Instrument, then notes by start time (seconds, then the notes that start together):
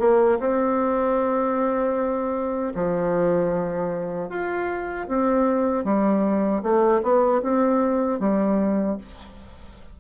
bassoon
0.00 A#3
0.40 C4
2.75 F3
4.30 F4
5.08 C4
5.85 G3
6.63 A3
7.03 B3
7.42 C4
8.20 G3